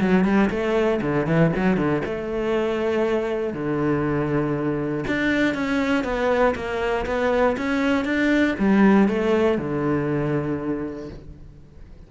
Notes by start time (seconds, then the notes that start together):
0.00 F#3
0.24 G3
0.50 A3
1.01 D3
1.26 E3
1.56 F#3
1.76 D3
2.05 A3
3.53 D3
5.07 D4
5.54 C#4
6.04 B3
6.55 A#3
7.06 B3
7.57 C#4
8.04 D4
8.59 G3
9.08 A3
9.58 D3